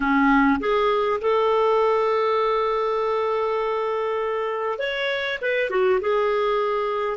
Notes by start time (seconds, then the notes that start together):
0.00 C#4
0.59 G#4
1.21 A4
4.78 C#5
5.41 B4
5.69 F#4
6.00 G#4